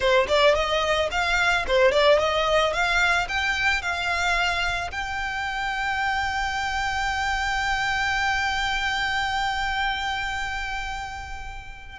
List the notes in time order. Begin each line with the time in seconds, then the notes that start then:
0.00 C5
0.28 D5
0.55 D#5
1.11 F5
1.67 C5
1.91 D5
2.18 D#5
2.73 F5
3.28 G5
3.82 F5
4.91 G5